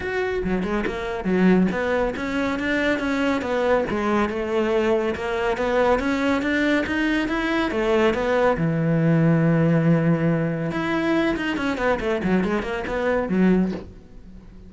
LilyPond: \new Staff \with { instrumentName = "cello" } { \time 4/4 \tempo 4 = 140 fis'4 fis8 gis8 ais4 fis4 | b4 cis'4 d'4 cis'4 | b4 gis4 a2 | ais4 b4 cis'4 d'4 |
dis'4 e'4 a4 b4 | e1~ | e4 e'4. dis'8 cis'8 b8 | a8 fis8 gis8 ais8 b4 fis4 | }